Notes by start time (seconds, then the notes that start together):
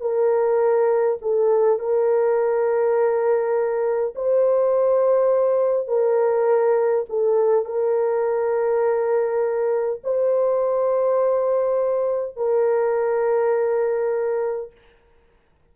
0.00 A#4
1.21 A4
1.79 A#4
4.15 C5
5.87 A#4
7.09 A4
7.65 A#4
10.03 C5
12.36 A#4